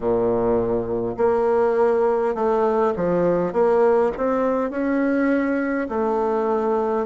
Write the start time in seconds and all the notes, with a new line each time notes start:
0.00 A#2
1.17 A#3
2.35 A3
2.96 F3
3.52 A#3
4.17 C4
4.70 C#4
5.88 A3